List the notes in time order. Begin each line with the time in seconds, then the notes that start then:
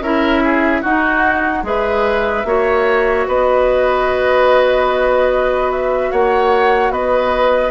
0.00 C#4 E4 A#4 E5
0.44 G#4
0.82 D#4 F#4 F#5
1.63 G#3 G#4 B4 E5
2.45 A#3 F#4 C#5
3.28 B3 B4 D#5
5.71 E5
6.11 A#3 C#5 F#5
6.91 B3 B4 D#5